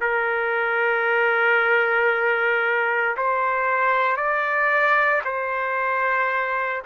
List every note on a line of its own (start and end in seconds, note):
0.00 3.16 A#4
3.17 4.16 C5
4.16 5.22 D5
5.24 6.82 C5